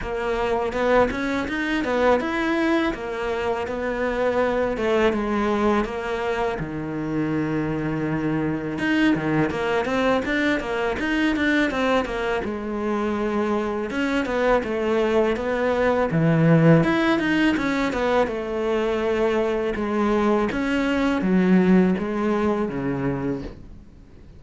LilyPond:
\new Staff \with { instrumentName = "cello" } { \time 4/4 \tempo 4 = 82 ais4 b8 cis'8 dis'8 b8 e'4 | ais4 b4. a8 gis4 | ais4 dis2. | dis'8 dis8 ais8 c'8 d'8 ais8 dis'8 d'8 |
c'8 ais8 gis2 cis'8 b8 | a4 b4 e4 e'8 dis'8 | cis'8 b8 a2 gis4 | cis'4 fis4 gis4 cis4 | }